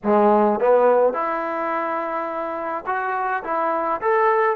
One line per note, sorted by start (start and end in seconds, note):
0.03 0.59 G#3
0.59 1.13 B3
1.13 2.84 E4
2.86 3.43 F#4
3.43 4.01 E4
4.01 4.56 A4